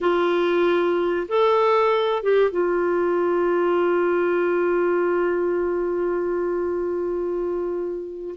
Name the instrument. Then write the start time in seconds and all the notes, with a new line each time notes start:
clarinet
0.01 F4
1.28 A4
2.22 G4
2.51 F4